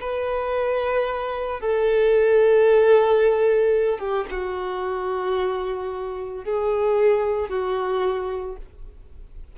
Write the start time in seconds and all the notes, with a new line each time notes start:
0.00 B4
1.60 A4
3.98 G4
4.30 F#4
6.44 G#4
7.49 F#4